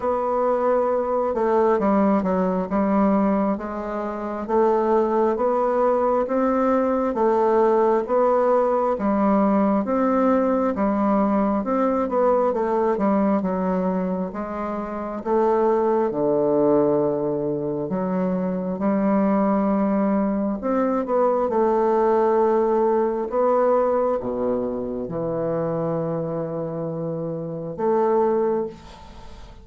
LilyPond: \new Staff \with { instrumentName = "bassoon" } { \time 4/4 \tempo 4 = 67 b4. a8 g8 fis8 g4 | gis4 a4 b4 c'4 | a4 b4 g4 c'4 | g4 c'8 b8 a8 g8 fis4 |
gis4 a4 d2 | fis4 g2 c'8 b8 | a2 b4 b,4 | e2. a4 | }